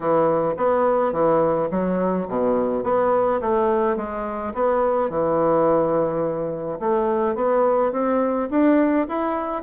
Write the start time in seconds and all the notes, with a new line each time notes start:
0.00 E3
0.56 B3
1.12 E3
1.70 F#3
2.28 B2
2.83 B3
3.40 A3
3.96 G#3
4.54 B3
5.09 E3
6.79 A3
7.35 B3
7.92 C4
8.50 D4
9.08 E4